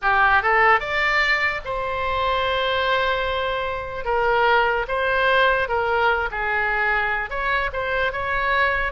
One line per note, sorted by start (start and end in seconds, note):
0.02 0.42 G4
0.42 0.79 A4
0.79 1.61 D5
1.65 4.04 C5
4.04 4.85 A#4
4.88 5.68 C5
5.68 6.29 A#4
6.31 7.30 G#4
7.30 7.70 C#5
7.72 8.12 C5
8.12 8.92 C#5